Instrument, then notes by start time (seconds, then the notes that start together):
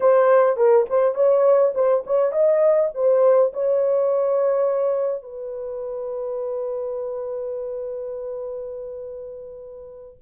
horn
0.00 C5
0.56 A#4
0.89 C5
1.15 C#5
1.74 C5
2.06 C#5
2.31 D#5
2.94 C5
3.53 C#5
5.22 B4